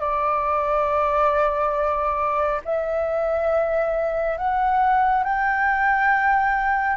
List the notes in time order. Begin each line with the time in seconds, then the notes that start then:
0.00 D5
2.65 E5
4.38 F#5
5.24 G5